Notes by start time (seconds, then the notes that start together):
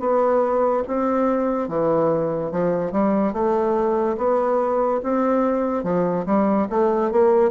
0.00 B3
0.87 C4
1.68 E3
2.52 F3
2.92 G3
3.33 A3
4.18 B3
5.03 C4
5.84 F3
6.26 G3
6.70 A3
7.11 A#3